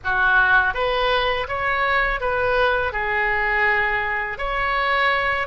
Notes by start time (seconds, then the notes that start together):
0.04 F#4
0.74 B4
1.48 C#5
2.20 B4
2.92 G#4
4.38 C#5